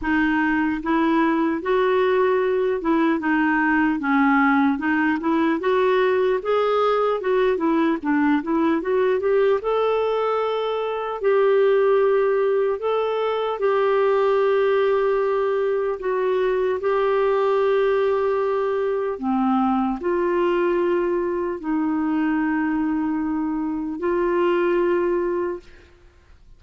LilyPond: \new Staff \with { instrumentName = "clarinet" } { \time 4/4 \tempo 4 = 75 dis'4 e'4 fis'4. e'8 | dis'4 cis'4 dis'8 e'8 fis'4 | gis'4 fis'8 e'8 d'8 e'8 fis'8 g'8 | a'2 g'2 |
a'4 g'2. | fis'4 g'2. | c'4 f'2 dis'4~ | dis'2 f'2 | }